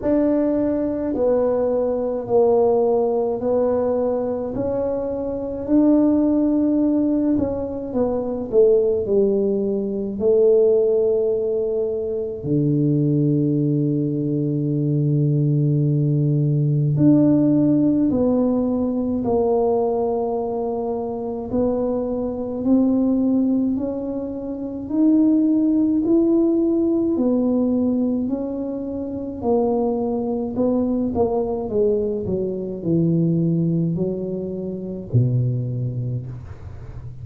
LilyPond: \new Staff \with { instrumentName = "tuba" } { \time 4/4 \tempo 4 = 53 d'4 b4 ais4 b4 | cis'4 d'4. cis'8 b8 a8 | g4 a2 d4~ | d2. d'4 |
b4 ais2 b4 | c'4 cis'4 dis'4 e'4 | b4 cis'4 ais4 b8 ais8 | gis8 fis8 e4 fis4 b,4 | }